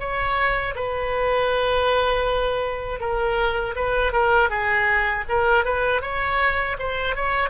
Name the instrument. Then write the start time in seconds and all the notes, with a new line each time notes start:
oboe
0.00 C#5
0.76 B4
3.00 A#4
3.76 B4
4.13 A#4
4.50 G#4
5.29 A#4
5.65 B4
6.02 C#5
6.79 C5
7.16 C#5